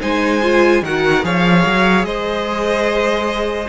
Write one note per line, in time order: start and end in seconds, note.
0.00 0.82 G#3
0.00 0.41 D#4
0.00 0.82 C5
0.00 0.84 G#5
0.42 0.83 F4
0.82 1.23 D#3
0.82 1.23 F#4
0.82 1.25 A#4
0.82 1.25 F#5
1.23 1.65 F3
1.23 3.69 G#4
1.23 2.06 C#5
1.23 2.05 F5
1.66 2.03 F#3
2.03 3.68 G#3
2.03 3.69 C5
2.03 3.69 D#5